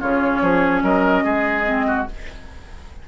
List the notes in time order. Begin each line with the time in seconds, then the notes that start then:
0.00 C#3 C#4 F4 C#5
0.41 F3 G#4
0.82 F#3 A#4 D#5
1.24 G#3 G#4
1.64 C4
1.86 F#4